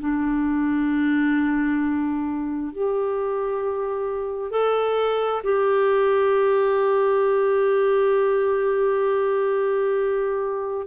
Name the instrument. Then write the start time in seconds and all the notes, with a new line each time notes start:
clarinet
0.00 D4
2.73 G4
4.51 A4
5.43 G4